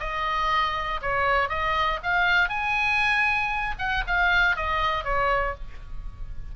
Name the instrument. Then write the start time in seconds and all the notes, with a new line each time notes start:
oboe
0.00 D#5
1.02 C#5
1.49 D#5
2.03 F5
2.49 G#5
3.79 F#5
4.07 F5
4.56 D#5
5.04 C#5